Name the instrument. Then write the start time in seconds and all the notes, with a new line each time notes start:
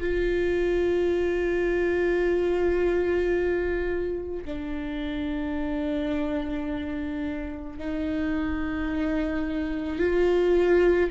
viola
0.00 F4
4.45 D4
7.78 D#4
9.99 F4